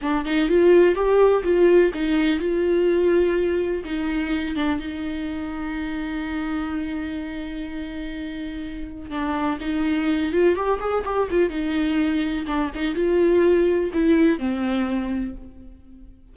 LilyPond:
\new Staff \with { instrumentName = "viola" } { \time 4/4 \tempo 4 = 125 d'8 dis'8 f'4 g'4 f'4 | dis'4 f'2. | dis'4. d'8 dis'2~ | dis'1~ |
dis'2. d'4 | dis'4. f'8 g'8 gis'8 g'8 f'8 | dis'2 d'8 dis'8 f'4~ | f'4 e'4 c'2 | }